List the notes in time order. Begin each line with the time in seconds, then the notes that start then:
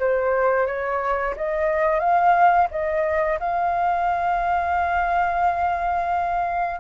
0.00 C5
0.67 C#5
1.37 D#5
2.00 F5
2.71 D#5
3.40 F5